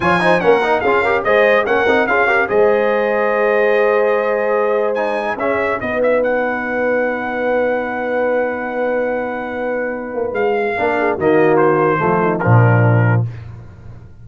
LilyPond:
<<
  \new Staff \with { instrumentName = "trumpet" } { \time 4/4 \tempo 4 = 145 gis''4 fis''4 f''4 dis''4 | fis''4 f''4 dis''2~ | dis''1 | gis''4 e''4 dis''8 e''8 fis''4~ |
fis''1~ | fis''1~ | fis''4 f''2 dis''4 | c''2 ais'2 | }
  \new Staff \with { instrumentName = "horn" } { \time 4/4 cis''8 c''8 ais'4 gis'8 ais'8 c''4 | ais'4 gis'8 ais'8 c''2~ | c''1~ | c''4 gis'4 b'2~ |
b'1~ | b'1~ | b'2 ais'8 gis'8 fis'4~ | fis'4 f'8 dis'8 d'2 | }
  \new Staff \with { instrumentName = "trombone" } { \time 4/4 f'8 dis'8 cis'8 dis'8 f'8 g'8 gis'4 | cis'8 dis'8 f'8 g'8 gis'2~ | gis'1 | dis'4 cis'4 dis'2~ |
dis'1~ | dis'1~ | dis'2 d'4 ais4~ | ais4 a4 f2 | }
  \new Staff \with { instrumentName = "tuba" } { \time 4/4 f4 ais4 cis'4 gis4 | ais8 c'8 cis'4 gis2~ | gis1~ | gis4 cis'4 b2~ |
b1~ | b1~ | b8 ais8 gis4 ais4 dis4~ | dis4 f4 ais,2 | }
>>